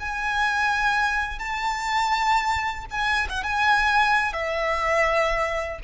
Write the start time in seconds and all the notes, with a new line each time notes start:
0.00 G#5
1.40 A5
2.91 G#5
3.30 F#5
3.44 G#5
4.33 E5